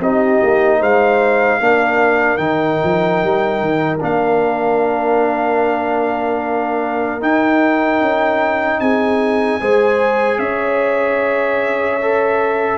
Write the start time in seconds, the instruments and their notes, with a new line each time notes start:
0.00 tuba C4, trombone D#4, horn G4, trumpet D#5
0.42 tuba A#3
0.80 tuba G#3, horn C5, trumpet F5
1.60 tuba A#3, trombone D4, horn A#4
2.37 tuba D#3, trombone D#4, trumpet G5
2.84 tuba F3
3.24 tuba G3
3.61 tuba D#3
4.00 tuba A#3, trombone D4, trumpet F5
7.21 trombone D#4, tuba D#4, trumpet G5
8.00 tuba C#4
8.80 tuba C4, horn G#4, trumpet G#5
9.61 tuba G#3, trombone G#4, horn C5
10.38 tuba C#4, horn C#5, trumpet E5
12.02 trombone A4